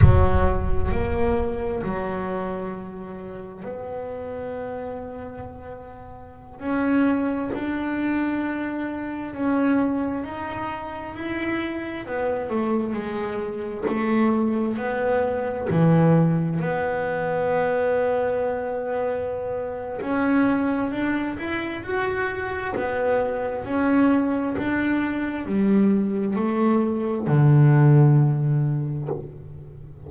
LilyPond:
\new Staff \with { instrumentName = "double bass" } { \time 4/4 \tempo 4 = 66 fis4 ais4 fis2 | b2.~ b16 cis'8.~ | cis'16 d'2 cis'4 dis'8.~ | dis'16 e'4 b8 a8 gis4 a8.~ |
a16 b4 e4 b4.~ b16~ | b2 cis'4 d'8 e'8 | fis'4 b4 cis'4 d'4 | g4 a4 d2 | }